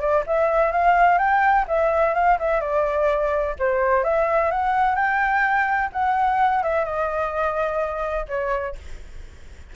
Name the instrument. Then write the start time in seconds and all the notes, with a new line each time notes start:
flute
0.00 D5
0.27 E5
0.72 F5
1.18 G5
1.68 E5
2.15 F5
2.39 E5
2.61 D5
3.59 C5
4.04 E5
4.51 F#5
4.95 G5
5.93 F#5
6.63 E5
6.85 D#5
8.28 C#5